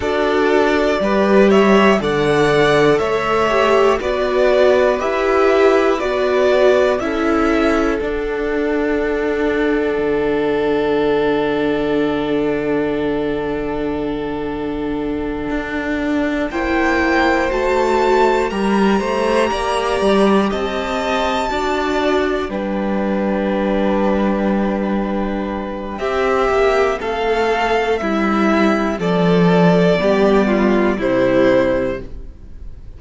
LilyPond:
<<
  \new Staff \with { instrumentName = "violin" } { \time 4/4 \tempo 4 = 60 d''4. e''8 fis''4 e''4 | d''4 e''4 d''4 e''4 | fis''1~ | fis''1~ |
fis''8 g''4 a''4 ais''4.~ | ais''8 a''2 g''4.~ | g''2 e''4 f''4 | e''4 d''2 c''4 | }
  \new Staff \with { instrumentName = "violin" } { \time 4/4 a'4 b'8 cis''8 d''4 cis''4 | b'2. a'4~ | a'1~ | a'1~ |
a'8 c''2 ais'8 c''8 d''8~ | d''8 dis''4 d''4 b'4.~ | b'2 g'4 a'4 | e'4 a'4 g'8 f'8 e'4 | }
  \new Staff \with { instrumentName = "viola" } { \time 4/4 fis'4 g'4 a'4. g'8 | fis'4 g'4 fis'4 e'4 | d'1~ | d'1~ |
d'8 e'4 fis'4 g'4.~ | g'4. fis'4 d'4.~ | d'2 c'2~ | c'2 b4 g4 | }
  \new Staff \with { instrumentName = "cello" } { \time 4/4 d'4 g4 d4 a4 | b4 e'4 b4 cis'4 | d'2 d2~ | d2.~ d8 d'8~ |
d'8 ais4 a4 g8 a8 ais8 | g8 c'4 d'4 g4.~ | g2 c'8 ais8 a4 | g4 f4 g4 c4 | }
>>